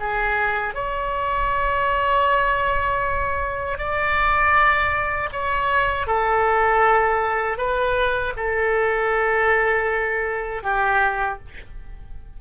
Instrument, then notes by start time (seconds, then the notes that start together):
oboe
0.00 G#4
0.75 C#5
3.78 D5
5.32 C#5
6.08 A4
7.58 B4
8.37 A4
10.63 G4